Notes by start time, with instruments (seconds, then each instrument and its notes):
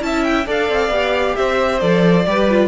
0.00 cello C#4, viola E4, violin E5 A5
0.24 violin G5
0.46 cello D4, viola A4, violin D5 F5
0.69 cello C4
0.89 cello B3, viola G4
1.36 cello C4, violin C5 E5
1.80 cello F3, viola A4, violin D5
2.26 cello G3, viola G4, violin B4
2.49 viola F4